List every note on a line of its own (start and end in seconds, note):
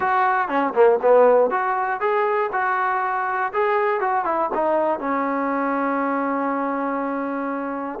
0.00 0.48 F#4
0.48 0.73 C#4
0.74 0.99 A#3
1.02 1.50 B3
1.50 2.00 F#4
2.00 2.50 G#4
2.52 3.52 F#4
3.53 4.00 G#4
4.00 4.24 F#4
4.24 4.49 E4
4.54 4.99 D#4
4.99 7.99 C#4